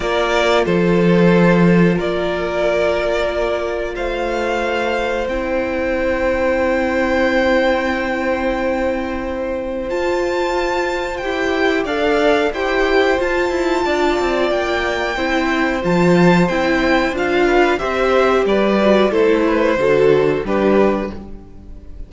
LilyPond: <<
  \new Staff \with { instrumentName = "violin" } { \time 4/4 \tempo 4 = 91 d''4 c''2 d''4~ | d''2 f''2 | g''1~ | g''2. a''4~ |
a''4 g''4 f''4 g''4 | a''2 g''2 | a''4 g''4 f''4 e''4 | d''4 c''2 b'4 | }
  \new Staff \with { instrumentName = "violin" } { \time 4/4 ais'4 a'2 ais'4~ | ais'2 c''2~ | c''1~ | c''1~ |
c''2 d''4 c''4~ | c''4 d''2 c''4~ | c''2~ c''8 b'8 c''4 | b'4 a'8 b'8 a'4 g'4 | }
  \new Staff \with { instrumentName = "viola" } { \time 4/4 f'1~ | f'1 | e'1~ | e'2. f'4~ |
f'4 g'4 a'4 g'4 | f'2. e'4 | f'4 e'4 f'4 g'4~ | g'8 fis'8 e'4 fis'4 d'4 | }
  \new Staff \with { instrumentName = "cello" } { \time 4/4 ais4 f2 ais4~ | ais2 a2 | c'1~ | c'2. f'4~ |
f'4 e'4 d'4 e'4 | f'8 e'8 d'8 c'8 ais4 c'4 | f4 c'4 d'4 c'4 | g4 a4 d4 g4 | }
>>